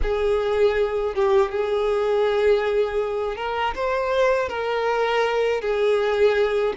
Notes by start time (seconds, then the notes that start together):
0.02 G#4
1.15 G4
1.51 G#4
3.36 A#4
3.75 C5
4.49 A#4
5.61 G#4